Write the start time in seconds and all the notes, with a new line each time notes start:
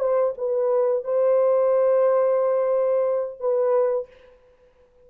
0.00 C5
0.38 B4
1.04 C5
3.40 B4